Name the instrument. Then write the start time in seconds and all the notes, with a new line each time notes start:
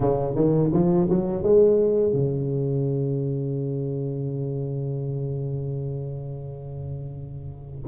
tuba
0.00 C#3
0.35 D#3
0.72 F3
1.09 F#3
1.42 G#3
2.12 C#3